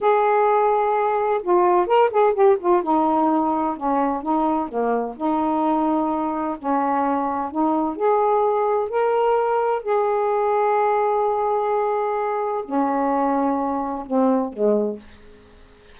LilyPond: \new Staff \with { instrumentName = "saxophone" } { \time 4/4 \tempo 4 = 128 gis'2. f'4 | ais'8 gis'8 g'8 f'8 dis'2 | cis'4 dis'4 ais4 dis'4~ | dis'2 cis'2 |
dis'4 gis'2 ais'4~ | ais'4 gis'2.~ | gis'2. cis'4~ | cis'2 c'4 gis4 | }